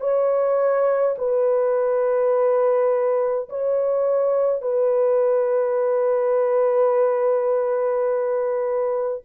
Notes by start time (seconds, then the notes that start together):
0.00 C#5
1.17 B4
3.49 C#5
4.61 B4